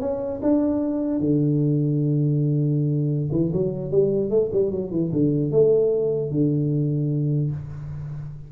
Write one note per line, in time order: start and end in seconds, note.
0.00 0.40 C#4
0.42 1.20 D4
1.20 3.30 D3
3.32 3.52 E3
3.52 3.91 F#3
3.91 4.30 G3
4.30 4.50 A3
4.52 4.71 G3
4.71 4.91 F#3
4.91 5.11 E3
5.12 5.51 D3
5.51 6.31 A3
6.31 7.51 D3